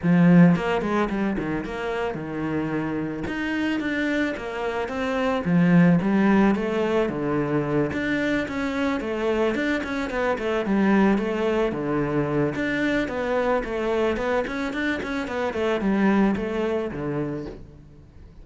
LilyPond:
\new Staff \with { instrumentName = "cello" } { \time 4/4 \tempo 4 = 110 f4 ais8 gis8 g8 dis8 ais4 | dis2 dis'4 d'4 | ais4 c'4 f4 g4 | a4 d4. d'4 cis'8~ |
cis'8 a4 d'8 cis'8 b8 a8 g8~ | g8 a4 d4. d'4 | b4 a4 b8 cis'8 d'8 cis'8 | b8 a8 g4 a4 d4 | }